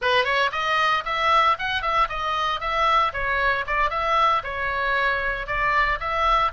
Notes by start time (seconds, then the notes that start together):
0.01 B4
0.24 C#5
0.51 D#5
1.05 E5
1.58 F#5
1.81 E5
2.09 D#5
2.60 E5
3.13 C#5
3.66 D5
3.90 E5
4.43 C#5
5.46 D5
6.00 E5